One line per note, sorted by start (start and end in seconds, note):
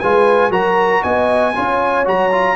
0.00 0.50 G#3
0.00 0.51 F4
0.00 0.51 B4
0.00 0.51 G#5
0.50 1.02 F#3
0.50 1.54 F#4
0.50 1.03 A#4
0.50 1.03 A#5
1.03 1.56 B3
1.03 1.55 D#5
1.03 2.06 G#5
1.56 2.07 C#4
1.56 2.05 F4
1.56 2.57 C#5
2.05 2.57 F#3
2.05 2.31 F#4
2.05 2.57 A#5
2.32 2.57 F4